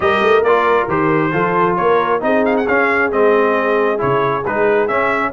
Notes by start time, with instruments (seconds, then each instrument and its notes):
0.00 tuba G3, trombone G4, horn A#4, trumpet D#5
0.21 tuba A3
0.42 tuba A#3, trombone F4, trumpet D5
0.87 tuba D#3, trombone G4, trumpet C5
1.32 tuba F3, trombone F4, horn A4
1.76 tuba A#3, horn A#4, trumpet C#5
2.20 tuba C4, trombone D#4, horn G#4, trumpet D#5
2.45 trumpet F5
2.56 trumpet F#5
2.67 tuba C#4, trombone C#4, trumpet F5
3.11 tuba G#3, trombone C4, trumpet D#5
3.98 tuba C#3, trombone E4, trumpet C#5
4.45 tuba G#3, trombone D#4, trumpet B4
4.87 trombone C#4, tuba C#4, trumpet E5